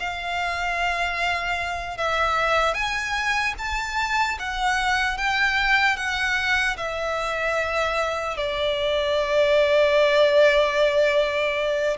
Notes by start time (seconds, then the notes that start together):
0.00 F5
1.98 E5
2.75 G#5
3.59 A5
4.40 F#5
5.18 G5
5.97 F#5
6.77 E5
8.37 D5